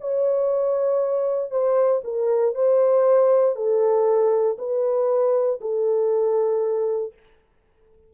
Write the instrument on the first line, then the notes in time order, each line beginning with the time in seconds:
horn
0.00 C#5
1.50 C5
2.04 A#4
2.54 C5
3.55 A4
4.58 B4
5.60 A4